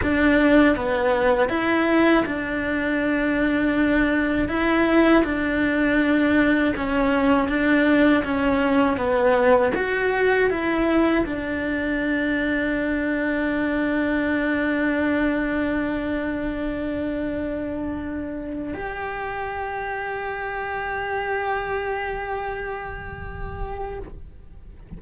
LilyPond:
\new Staff \with { instrumentName = "cello" } { \time 4/4 \tempo 4 = 80 d'4 b4 e'4 d'4~ | d'2 e'4 d'4~ | d'4 cis'4 d'4 cis'4 | b4 fis'4 e'4 d'4~ |
d'1~ | d'1~ | d'4 g'2.~ | g'1 | }